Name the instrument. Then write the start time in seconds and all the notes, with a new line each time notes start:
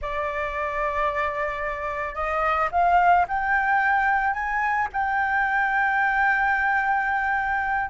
flute
0.01 D5
2.14 D#5
2.71 F5
3.28 G5
4.33 G#5
4.92 G5